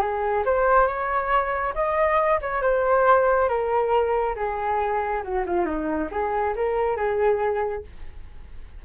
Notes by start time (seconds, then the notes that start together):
0.00 G#4
0.45 C5
0.87 C#5
1.74 D#5
2.41 C#5
2.61 C5
3.48 A#4
4.36 G#4
5.23 F#4
5.46 F4
5.65 D#4
6.11 G#4
6.56 A#4
6.96 G#4